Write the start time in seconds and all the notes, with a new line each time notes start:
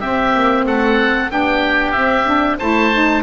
0.00 C4 G4 E5
0.35 A#3
0.66 A3 A4 F#5
1.30 B3 D4 G4 G5
1.92 C4 E5
2.26 D4
2.59 A3 E4 C5 A5
2.93 D#4